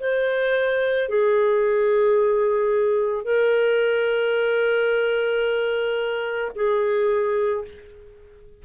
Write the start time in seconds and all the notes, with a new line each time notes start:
0.00 C5
1.09 G#4
3.25 A#4
6.56 G#4